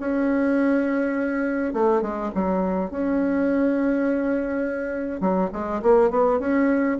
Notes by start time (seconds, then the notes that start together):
0.00 C#4
1.73 A3
2.02 G#3
2.35 F#3
2.91 C#4
5.21 F#3
5.53 G#3
5.83 A#3
6.11 B3
6.40 C#4